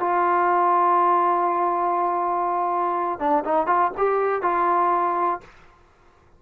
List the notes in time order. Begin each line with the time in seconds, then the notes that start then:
0.00 F4
3.19 D4
3.44 D#4
3.67 F4
3.97 G4
4.42 F4